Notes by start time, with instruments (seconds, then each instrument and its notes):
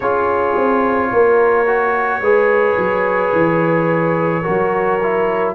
0.00 tuba C#4, trombone F4, horn G#4, trumpet C#5
0.56 tuba C4
1.12 tuba A#3, horn A#4
1.66 trombone F#4
2.21 tuba G#3, trombone G#4, horn B4
2.77 tuba F#3
3.32 tuba E3
4.42 trombone F#4, horn A#4
4.48 tuba F#3
5.02 trombone E4